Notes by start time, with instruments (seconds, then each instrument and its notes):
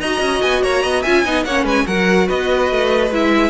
0.00 cello D#4, viola F#4, violin D#5 A#5
0.20 cello C#4
0.42 cello B3, violin G#5
0.63 cello A#3, violin C#5 A#5
0.83 cello B3, violin D#5
1.02 cello C#4, viola F4, violin E5 G#5
1.25 cello B3, viola D#4, violin D#5
1.45 cello A#3, viola C#4, violin C#5 F#5
1.64 cello G#3, violin B4 G#5
1.87 cello F#3, viola F#4, violin A#4 F#5
2.27 cello B3, violin B4 D#5
2.72 cello A3
3.11 cello G#3, viola E4, violin E5